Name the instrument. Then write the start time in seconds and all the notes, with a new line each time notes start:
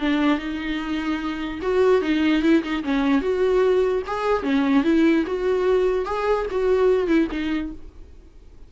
viola
0.00 D4
0.38 D#4
1.62 F#4
2.02 D#4
2.42 E4
2.63 D#4
2.83 C#4
3.21 F#4
4.07 G#4
4.43 C#4
4.84 E4
5.26 F#4
6.05 G#4
6.50 F#4
7.07 E4
7.31 D#4